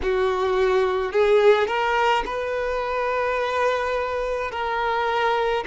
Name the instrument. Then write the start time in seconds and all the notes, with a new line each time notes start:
violin
0.02 F#4
1.12 G#4
1.67 A#4
2.25 B4
4.51 A#4